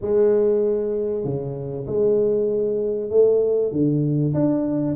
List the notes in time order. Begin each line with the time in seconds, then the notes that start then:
0.01 G#3
1.24 C#3
1.86 G#3
3.10 A3
3.71 D3
4.34 D4